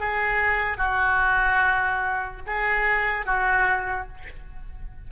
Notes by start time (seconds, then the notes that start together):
0.00 G#4
0.78 F#4
2.47 G#4
3.26 F#4